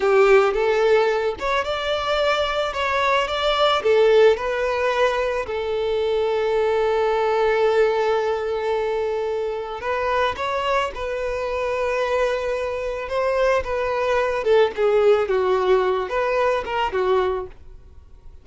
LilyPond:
\new Staff \with { instrumentName = "violin" } { \time 4/4 \tempo 4 = 110 g'4 a'4. cis''8 d''4~ | d''4 cis''4 d''4 a'4 | b'2 a'2~ | a'1~ |
a'2 b'4 cis''4 | b'1 | c''4 b'4. a'8 gis'4 | fis'4. b'4 ais'8 fis'4 | }